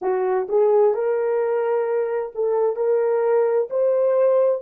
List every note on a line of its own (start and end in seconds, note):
0.01 0.47 F#4
0.49 0.94 G#4
0.94 2.32 A#4
2.34 2.76 A4
2.76 3.68 A#4
3.69 4.62 C5